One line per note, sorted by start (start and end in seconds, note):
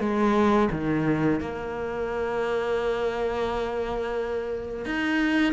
0.00 0.69 G#3
0.71 1.40 D#3
1.40 4.85 A#3
4.85 5.53 D#4